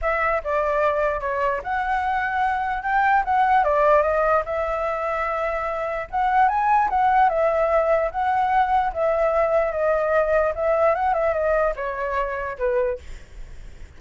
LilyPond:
\new Staff \with { instrumentName = "flute" } { \time 4/4 \tempo 4 = 148 e''4 d''2 cis''4 | fis''2. g''4 | fis''4 d''4 dis''4 e''4~ | e''2. fis''4 |
gis''4 fis''4 e''2 | fis''2 e''2 | dis''2 e''4 fis''8 e''8 | dis''4 cis''2 b'4 | }